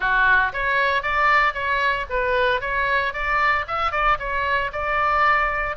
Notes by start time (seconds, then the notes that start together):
0.00 F#4
0.52 C#5
1.02 D5
1.53 C#5
2.09 B4
2.61 C#5
3.13 D5
3.67 E5
3.91 D5
4.19 C#5
4.72 D5